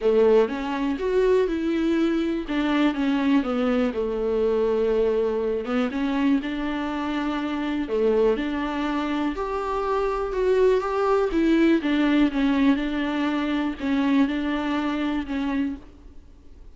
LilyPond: \new Staff \with { instrumentName = "viola" } { \time 4/4 \tempo 4 = 122 a4 cis'4 fis'4 e'4~ | e'4 d'4 cis'4 b4 | a2.~ a8 b8 | cis'4 d'2. |
a4 d'2 g'4~ | g'4 fis'4 g'4 e'4 | d'4 cis'4 d'2 | cis'4 d'2 cis'4 | }